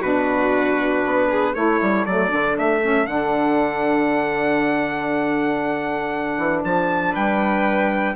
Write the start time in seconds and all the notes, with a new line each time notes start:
0.00 B2 D4 F#4 B4
1.05 B3
1.30 G#4
1.54 A3 E4 A4 C#5
1.81 G3
2.05 F#3 A3 D5
2.29 D3 D4
2.58 A3 E5
2.82 C#4
3.06 D3 D4 F#5
6.38 E3
6.64 F3 A5
7.12 G3 B4 G5